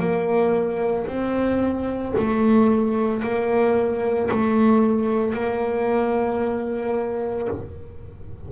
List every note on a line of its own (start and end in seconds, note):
0.00 1.07 A#3
1.07 2.14 C4
2.18 3.22 A3
3.22 4.30 A#3
4.31 5.34 A3
5.34 7.48 A#3